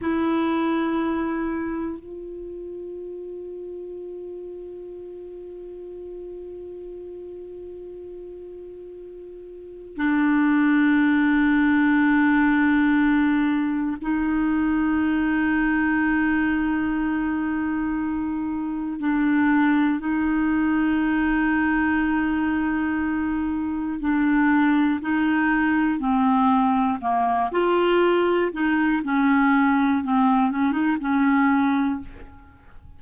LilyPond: \new Staff \with { instrumentName = "clarinet" } { \time 4/4 \tempo 4 = 60 e'2 f'2~ | f'1~ | f'2 d'2~ | d'2 dis'2~ |
dis'2. d'4 | dis'1 | d'4 dis'4 c'4 ais8 f'8~ | f'8 dis'8 cis'4 c'8 cis'16 dis'16 cis'4 | }